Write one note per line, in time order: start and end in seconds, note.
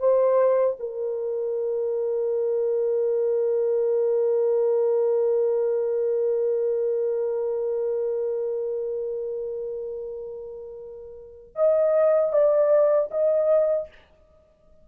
0.00 0.77 C5
0.80 11.56 A#4
11.56 12.33 D#5
12.33 13.10 D5
13.12 13.88 D#5